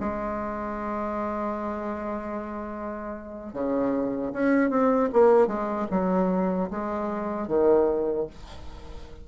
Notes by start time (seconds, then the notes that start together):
0.00 G#3
3.53 C#3
4.33 C#4
4.70 C4
5.13 A#3
5.47 G#3
5.91 F#3
6.70 G#3
7.48 D#3